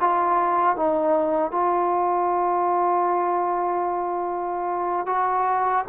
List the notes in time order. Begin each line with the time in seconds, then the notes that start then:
0.00 F4
0.76 D#4
1.51 F4
5.06 F#4